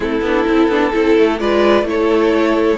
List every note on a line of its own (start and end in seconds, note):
0.00 0.21 A3
0.00 0.23 C4
0.00 0.92 E4
0.00 1.39 A4
0.21 0.44 B3
0.21 0.47 D4
0.47 0.67 C4
0.47 0.70 E4
0.67 0.91 B3
0.67 0.91 D4
0.91 1.17 C4
0.91 1.38 E4
0.91 1.39 A4
1.17 1.40 A3
1.38 1.82 G#3
1.38 1.84 F4
1.38 1.87 B4
1.38 1.86 D5
1.82 2.75 A3
1.82 2.77 E4
1.89 2.77 A4
1.89 2.77 C#5